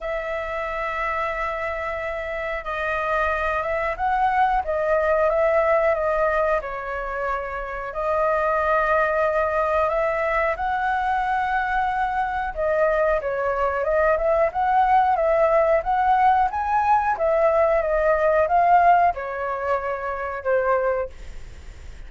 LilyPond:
\new Staff \with { instrumentName = "flute" } { \time 4/4 \tempo 4 = 91 e''1 | dis''4. e''8 fis''4 dis''4 | e''4 dis''4 cis''2 | dis''2. e''4 |
fis''2. dis''4 | cis''4 dis''8 e''8 fis''4 e''4 | fis''4 gis''4 e''4 dis''4 | f''4 cis''2 c''4 | }